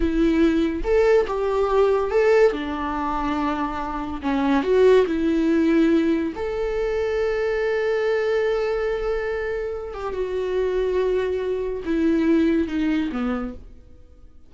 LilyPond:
\new Staff \with { instrumentName = "viola" } { \time 4/4 \tempo 4 = 142 e'2 a'4 g'4~ | g'4 a'4 d'2~ | d'2 cis'4 fis'4 | e'2. a'4~ |
a'1~ | a'2.~ a'8 g'8 | fis'1 | e'2 dis'4 b4 | }